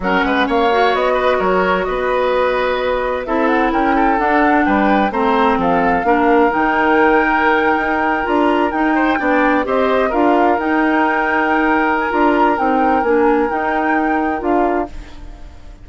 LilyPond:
<<
  \new Staff \with { instrumentName = "flute" } { \time 4/4 \tempo 4 = 129 fis''4 f''4 dis''4 cis''4 | dis''2. e''8 fis''8 | g''4 fis''4 g''4 ais''4 | f''2 g''2~ |
g''4.~ g''16 ais''4 g''4~ g''16~ | g''8. dis''4 f''4 g''4~ g''16~ | g''4.~ g''16 gis''16 ais''4 g''4 | gis''4 g''2 f''4 | }
  \new Staff \with { instrumentName = "oboe" } { \time 4/4 ais'8 b'8 cis''4. b'8 ais'4 | b'2. a'4 | ais'8 a'4. b'4 c''4 | a'4 ais'2.~ |
ais'2.~ ais'16 c''8 d''16~ | d''8. c''4 ais'2~ ais'16~ | ais'1~ | ais'1 | }
  \new Staff \with { instrumentName = "clarinet" } { \time 4/4 cis'4. fis'2~ fis'8~ | fis'2. e'4~ | e'4 d'2 c'4~ | c'4 d'4 dis'2~ |
dis'4.~ dis'16 f'4 dis'4 d'16~ | d'8. g'4 f'4 dis'4~ dis'16~ | dis'2 f'4 dis'4 | d'4 dis'2 f'4 | }
  \new Staff \with { instrumentName = "bassoon" } { \time 4/4 fis8 gis8 ais4 b4 fis4 | b2. c'4 | cis'4 d'4 g4 a4 | f4 ais4 dis2~ |
dis8. dis'4 d'4 dis'4 b16~ | b8. c'4 d'4 dis'4~ dis'16~ | dis'2 d'4 c'4 | ais4 dis'2 d'4 | }
>>